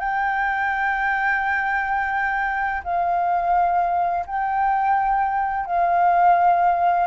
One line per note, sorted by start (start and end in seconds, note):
0.00 2.82 G5
2.84 4.25 F5
4.27 5.66 G5
5.66 7.07 F5